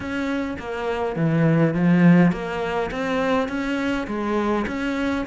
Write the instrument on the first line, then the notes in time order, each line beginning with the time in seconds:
cello
0.00 C#4
0.59 A#3
1.16 E3
1.74 F3
2.32 A#3
2.91 C4
3.48 C#4
4.07 G#3
4.67 C#4